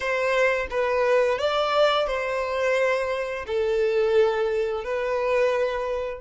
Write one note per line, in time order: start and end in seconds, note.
0.00 0.67 C5
0.70 1.38 B4
1.38 2.07 D5
2.07 3.45 C5
3.46 4.84 A4
4.84 6.20 B4